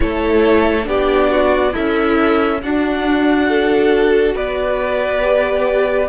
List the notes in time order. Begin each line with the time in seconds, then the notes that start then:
0.00 A3 E4 A4 C#5
0.83 B3 D4 G4 D5
1.31 F#4
1.72 C#4 E4 A4 E5
2.62 D4 F#4 F#5
3.48 A4
4.34 B3 B4 D5
5.21 G4